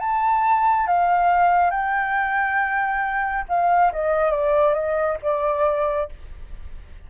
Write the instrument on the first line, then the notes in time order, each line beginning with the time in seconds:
flute
0.00 A5
0.87 F5
1.71 G5
3.49 F5
3.93 D#5
4.32 D5
4.74 D#5
5.23 D5